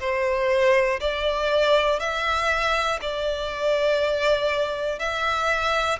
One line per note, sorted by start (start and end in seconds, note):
0.00 1.00 C5
1.00 2.00 D5
2.00 3.00 E5
3.02 5.00 D5
5.00 6.00 E5